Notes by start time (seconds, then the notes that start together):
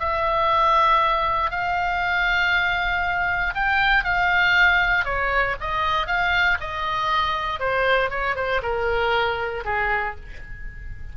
0.00 E5
1.51 F5
3.55 G5
4.05 F5
5.05 C#5
5.61 D#5
6.07 F5
6.61 D#5
7.60 C5
8.11 C#5
8.36 C5
8.63 A#4
9.65 G#4